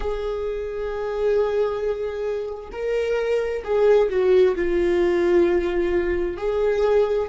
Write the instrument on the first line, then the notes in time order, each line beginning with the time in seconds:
viola
0.00 G#4
2.72 A#4
3.64 G#4
4.09 F#4
4.55 F4
6.37 G#4